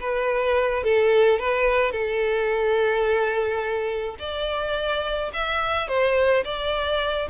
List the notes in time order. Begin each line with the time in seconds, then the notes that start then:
0.00 B4
0.84 A4
1.39 B4
1.92 A4
4.20 D5
5.33 E5
5.88 C5
6.45 D5